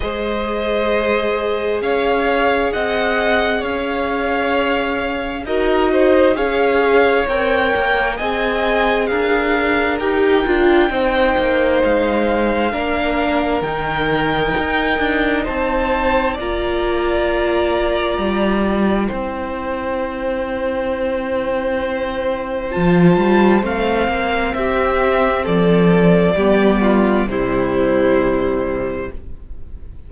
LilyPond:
<<
  \new Staff \with { instrumentName = "violin" } { \time 4/4 \tempo 4 = 66 dis''2 f''4 fis''4 | f''2 dis''4 f''4 | g''4 gis''4 f''4 g''4~ | g''4 f''2 g''4~ |
g''4 a''4 ais''2~ | ais''4 g''2.~ | g''4 a''4 f''4 e''4 | d''2 c''2 | }
  \new Staff \with { instrumentName = "violin" } { \time 4/4 c''2 cis''4 dis''4 | cis''2 ais'8 c''8 cis''4~ | cis''4 dis''4 ais'2 | c''2 ais'2~ |
ais'4 c''4 d''2~ | d''4 c''2.~ | c''2. g'4 | a'4 g'8 f'8 e'2 | }
  \new Staff \with { instrumentName = "viola" } { \time 4/4 gis'1~ | gis'2 fis'4 gis'4 | ais'4 gis'2 g'8 f'8 | dis'2 d'4 dis'4~ |
dis'2 f'2~ | f'4 e'2.~ | e'4 f'4 c'2~ | c'4 b4 g2 | }
  \new Staff \with { instrumentName = "cello" } { \time 4/4 gis2 cis'4 c'4 | cis'2 dis'4 cis'4 | c'8 ais8 c'4 d'4 dis'8 d'8 | c'8 ais8 gis4 ais4 dis4 |
dis'8 d'8 c'4 ais2 | g4 c'2.~ | c'4 f8 g8 a8 ais8 c'4 | f4 g4 c2 | }
>>